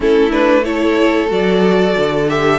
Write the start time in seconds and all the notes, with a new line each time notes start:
0.00 A3 C#4 E4 A4
0.30 D4 B4
0.64 E4 A4 C#5
1.28 F#3 F#4 D5
1.98 D3
2.28 G4 E5